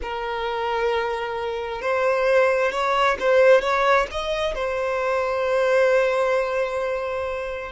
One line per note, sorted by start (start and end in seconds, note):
0.02 1.81 A#4
1.81 2.71 C5
2.71 3.17 C#5
3.19 3.61 C5
3.61 4.06 C#5
4.11 4.55 D#5
4.55 7.72 C5